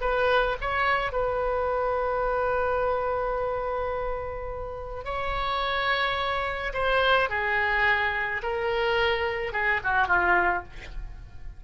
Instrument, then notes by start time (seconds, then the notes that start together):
oboe
0.00 B4
0.61 C#5
1.12 B4
5.04 C#5
6.73 C5
7.29 G#4
8.42 A#4
9.52 G#4
9.84 F#4
10.07 F4